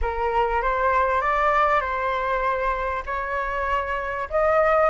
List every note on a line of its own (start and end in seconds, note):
0.01 0.62 A#4
0.62 1.21 C5
1.21 1.80 D5
1.80 3.03 C5
3.06 4.28 C#5
4.29 4.90 D#5